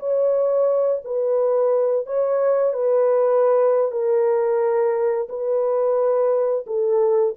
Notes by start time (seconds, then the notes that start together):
0.00 C#5
1.05 B4
2.06 C#5
2.74 B4
3.92 A#4
5.29 B4
6.67 A4